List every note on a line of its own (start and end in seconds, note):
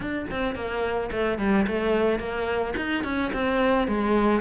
0.00 0.26 D4
0.30 0.55 C4
0.55 1.10 A#3
1.11 1.38 A3
1.38 1.66 G3
1.67 2.19 A3
2.19 2.74 A#3
2.76 3.04 D#4
3.04 3.31 C#4
3.33 3.87 C4
3.87 4.40 G#3